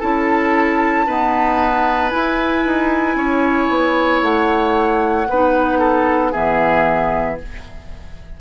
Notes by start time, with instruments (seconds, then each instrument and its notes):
0.00 bassoon C#4, clarinet E4, oboe A4, flute A5
1.07 clarinet B3, bassoon D#4, oboe B4
2.10 clarinet E4, bassoon E4, flute G#5
2.66 bassoon D#4
3.15 bassoon C#4, oboe C#5
3.69 bassoon B3
4.22 bassoon A3, flute F#5
5.29 bassoon B3, clarinet D#4, oboe B4
5.79 oboe A4
6.32 bassoon E3, clarinet B3, oboe G#4, flute E5